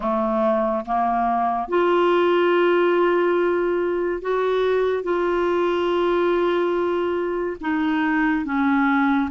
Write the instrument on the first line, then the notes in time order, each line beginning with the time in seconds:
clarinet
0.00 A3
0.85 A#3
1.68 F4
4.21 F#4
5.03 F4
7.61 D#4
8.45 C#4